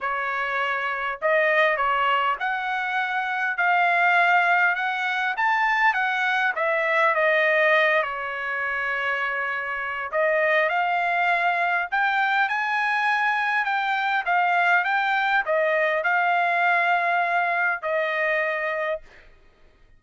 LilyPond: \new Staff \with { instrumentName = "trumpet" } { \time 4/4 \tempo 4 = 101 cis''2 dis''4 cis''4 | fis''2 f''2 | fis''4 a''4 fis''4 e''4 | dis''4. cis''2~ cis''8~ |
cis''4 dis''4 f''2 | g''4 gis''2 g''4 | f''4 g''4 dis''4 f''4~ | f''2 dis''2 | }